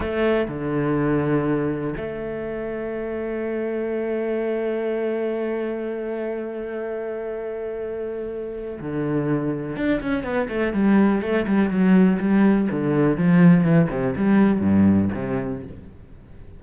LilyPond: \new Staff \with { instrumentName = "cello" } { \time 4/4 \tempo 4 = 123 a4 d2. | a1~ | a1~ | a1~ |
a2 d2 | d'8 cis'8 b8 a8 g4 a8 g8 | fis4 g4 d4 f4 | e8 c8 g4 g,4 c4 | }